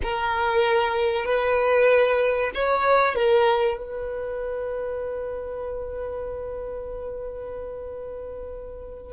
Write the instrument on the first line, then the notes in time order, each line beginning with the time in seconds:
violin
0.02 A#4
1.25 B4
2.54 C#5
3.15 A#4
3.77 B4